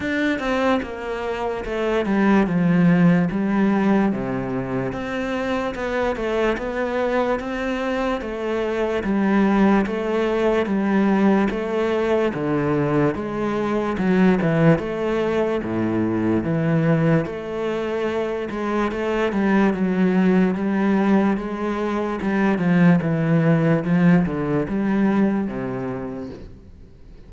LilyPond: \new Staff \with { instrumentName = "cello" } { \time 4/4 \tempo 4 = 73 d'8 c'8 ais4 a8 g8 f4 | g4 c4 c'4 b8 a8 | b4 c'4 a4 g4 | a4 g4 a4 d4 |
gis4 fis8 e8 a4 a,4 | e4 a4. gis8 a8 g8 | fis4 g4 gis4 g8 f8 | e4 f8 d8 g4 c4 | }